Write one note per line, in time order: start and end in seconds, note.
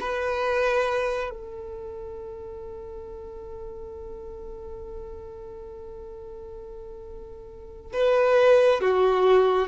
0.00 1.30 B4
1.30 7.92 A4
7.93 8.81 B4
8.81 9.67 F#4